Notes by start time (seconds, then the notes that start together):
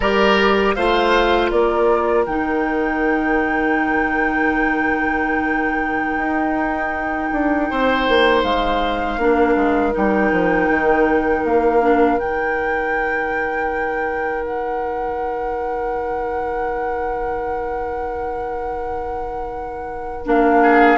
0.00 G3 G4 A#4 D5
0.75 A3 F4 C5 F5
1.50 A#3 A#4 D5
2.25 D#3 D#4 G5
6.17 D#4
7.32 D4
7.70 C4 C5
8.08 A#3
8.43 G#3 F5
9.17 A#3 D4 A#4
9.55 G#3
9.92 G3 D#4 G5
10.31 F3
10.69 D#3
11.44 A#3 F5
11.81 D4
12.17 D#3 D#4 G5
14.43 F#5
20.24 A#3 D4 F5
20.61 G#4